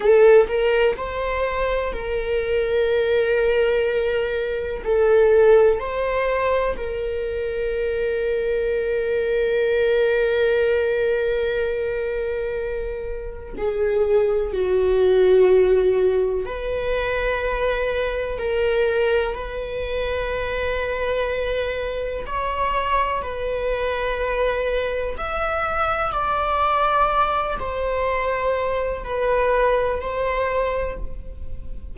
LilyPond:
\new Staff \with { instrumentName = "viola" } { \time 4/4 \tempo 4 = 62 a'8 ais'8 c''4 ais'2~ | ais'4 a'4 c''4 ais'4~ | ais'1~ | ais'2 gis'4 fis'4~ |
fis'4 b'2 ais'4 | b'2. cis''4 | b'2 e''4 d''4~ | d''8 c''4. b'4 c''4 | }